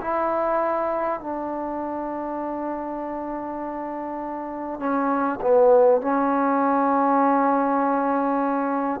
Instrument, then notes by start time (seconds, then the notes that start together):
trombone
0.00 E4
1.20 D4
4.79 C#4
5.41 B3
6.01 C#4